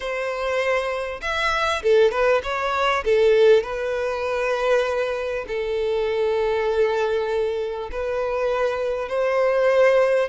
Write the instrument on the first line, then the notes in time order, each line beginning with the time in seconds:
violin
0.00 C5
1.21 E5
1.82 A4
2.11 B4
2.43 C#5
3.04 A4
3.63 B4
5.47 A4
7.91 B4
9.08 C5